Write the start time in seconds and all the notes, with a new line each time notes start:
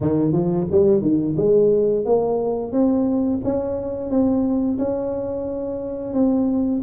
0.01 D#3
0.32 F3
0.71 G3
1.01 D#3
1.36 G#3
2.05 A#3
2.71 C4
3.44 C#4
4.09 C4
4.78 C#4
6.13 C4